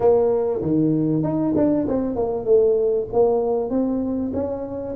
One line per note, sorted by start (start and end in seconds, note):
0.00 0.61 A#3
0.61 1.23 D#3
1.23 1.54 D#4
1.56 1.87 D4
1.88 2.15 C4
2.15 2.45 A#3
2.45 3.06 A3
3.12 3.70 A#3
3.70 4.32 C4
4.33 4.95 C#4